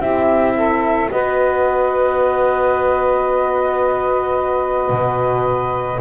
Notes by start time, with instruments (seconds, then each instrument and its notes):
0.00 double bass C4, horn E4, saxophone G4, flute E5
0.56 saxophone A4
1.10 double bass B3, horn F#4, saxophone B4, flute D#5
4.90 double bass B2